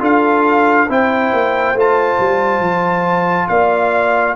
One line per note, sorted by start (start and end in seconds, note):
0.00 0.89 D4
0.00 0.87 F4
0.00 0.87 A4
0.00 0.91 F5
0.87 1.33 C4
0.87 1.76 E4
0.87 3.48 C5
0.87 1.79 G5
1.34 1.74 A#3
1.74 2.18 A3
1.74 4.37 F4
1.74 3.49 A5
2.20 2.60 G3
2.60 3.47 F3
3.49 4.37 A#3
3.49 4.37 D5
3.49 4.36 F5